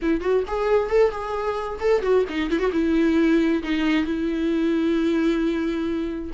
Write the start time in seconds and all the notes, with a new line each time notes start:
0.02 E4
0.21 F#4
0.47 G#4
0.89 A4
1.11 G#4
1.80 A4
2.02 F#4
2.29 D#4
2.50 E4
2.59 F#4
2.72 E4
3.62 D#4
4.05 E4